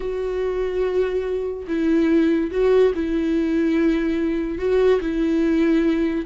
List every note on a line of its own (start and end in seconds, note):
0.00 1.66 F#4
1.67 2.50 E4
2.51 2.92 F#4
2.95 4.58 E4
4.58 5.00 F#4
5.00 6.25 E4